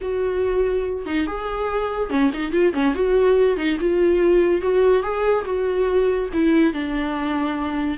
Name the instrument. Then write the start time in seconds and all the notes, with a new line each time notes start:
viola
0.01 F#4
1.05 D#4
1.26 G#4
2.10 C#4
2.33 D#4
2.52 F4
2.73 C#4
2.94 F#4
3.56 D#4
3.80 F4
4.61 F#4
5.02 G#4
5.45 F#4
6.33 E4
6.73 D4